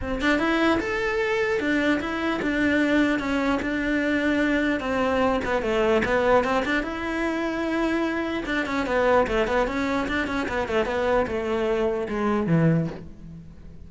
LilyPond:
\new Staff \with { instrumentName = "cello" } { \time 4/4 \tempo 4 = 149 c'8 d'8 e'4 a'2 | d'4 e'4 d'2 | cis'4 d'2. | c'4. b8 a4 b4 |
c'8 d'8 e'2.~ | e'4 d'8 cis'8 b4 a8 b8 | cis'4 d'8 cis'8 b8 a8 b4 | a2 gis4 e4 | }